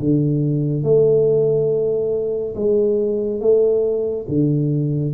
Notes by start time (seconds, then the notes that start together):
0.00 D3
0.83 A3
2.56 G#3
3.41 A3
4.29 D3